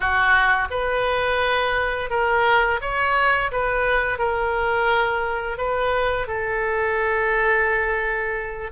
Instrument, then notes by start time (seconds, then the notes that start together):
oboe
0.00 F#4
0.70 B4
2.10 A#4
2.81 C#5
3.51 B4
4.18 A#4
5.57 B4
6.27 A4